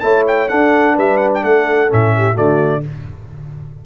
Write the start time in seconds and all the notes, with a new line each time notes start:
0.00 A3 E4 C#5 A5
0.28 G5
0.49 D4 A4 F#5
0.95 G3 B4 E5
1.17 F#5
1.35 G5
1.44 A3 A4 F#5
1.89 A2 C#4 E5
2.17 G4
2.34 D3 A3 F#4 D5